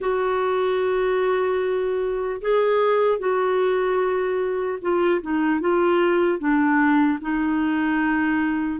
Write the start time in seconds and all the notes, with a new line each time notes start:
0.00 F#4
2.41 G#4
3.19 F#4
4.81 F4
5.21 D#4
5.60 F4
6.39 D4
7.21 D#4